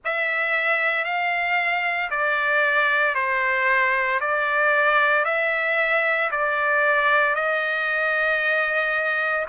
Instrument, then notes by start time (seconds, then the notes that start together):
trumpet
0.04 E5
1.04 F5
2.10 D5
3.14 C5
4.20 D5
5.24 E5
6.31 D5
7.34 D#5